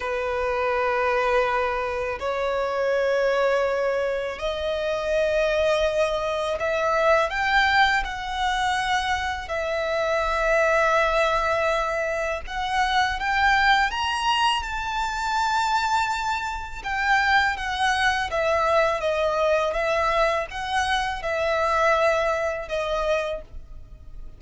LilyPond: \new Staff \with { instrumentName = "violin" } { \time 4/4 \tempo 4 = 82 b'2. cis''4~ | cis''2 dis''2~ | dis''4 e''4 g''4 fis''4~ | fis''4 e''2.~ |
e''4 fis''4 g''4 ais''4 | a''2. g''4 | fis''4 e''4 dis''4 e''4 | fis''4 e''2 dis''4 | }